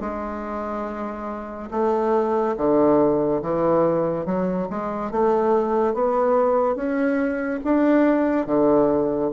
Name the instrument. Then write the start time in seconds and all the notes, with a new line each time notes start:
bassoon
0.00 G#3
1.70 A3
2.57 D3
3.41 E3
4.25 F#3
4.69 G#3
5.11 A3
5.94 B3
6.75 C#4
7.63 D4
8.46 D3